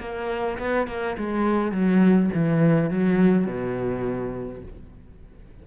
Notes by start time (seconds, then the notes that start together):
0.00 A#3
0.59 B3
0.88 A#3
1.18 G#3
1.72 F#3
2.34 E3
2.90 F#3
3.46 B2